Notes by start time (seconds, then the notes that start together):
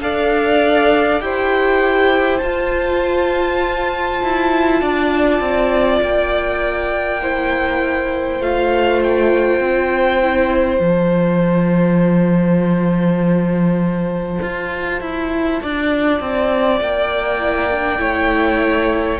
0.00 D4 A4 D5 F5
1.20 E4 G4 C5 G5
2.37 F4 A5
4.22 E4
4.80 D4 D5
5.40 C4
6.02 A#3 G5
7.21 E4 C5
8.39 A3 F4 F5
9.03 G5
9.60 C4
10.21 E4
10.79 F3 F4 A5
14.42 F4
15.00 E4
15.61 D4 D5
16.20 C4
16.80 A#3 G5
17.39 E4
17.71 D4
17.98 A3 E4 C#5